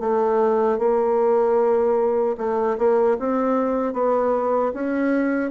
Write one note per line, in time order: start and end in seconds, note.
0.00 0.79 A3
0.79 2.36 A#3
2.38 2.77 A3
2.78 3.17 A#3
3.19 3.93 C4
3.93 4.72 B3
4.74 5.51 C#4